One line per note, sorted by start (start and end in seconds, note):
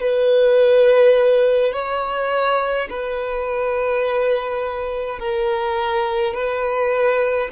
0.00 1.73 B4
1.73 2.88 C#5
2.90 5.19 B4
5.19 6.34 A#4
6.34 7.49 B4